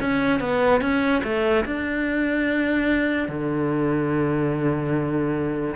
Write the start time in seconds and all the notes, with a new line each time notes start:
0.00 C#4
0.40 B3
0.81 C#4
1.23 A3
1.65 D4
3.28 D3